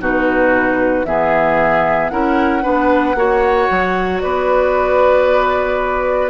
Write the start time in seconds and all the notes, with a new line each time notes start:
0.00 B2 D#4 F#4 B4
1.05 E3 B3 G#4 E5
2.09 C#4 E4 A#4 F#5
2.62 B3 D4 B4
3.15 A#3 F#4 C#5
3.70 F#3
4.20 B3 B4 D5